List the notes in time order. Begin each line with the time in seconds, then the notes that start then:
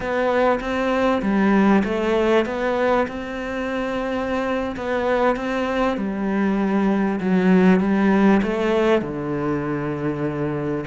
0.00 B3
0.60 C4
1.21 G3
1.84 A3
2.45 B3
3.07 C4
4.76 B3
5.36 C4
5.97 G3
7.20 F#3
7.79 G3
8.42 A3
9.01 D3